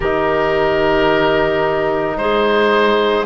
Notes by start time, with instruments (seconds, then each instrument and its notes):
0.00 cello D#3, trombone D#4, clarinet G4, oboe A#4
2.16 cello G#3, clarinet G#4, oboe C5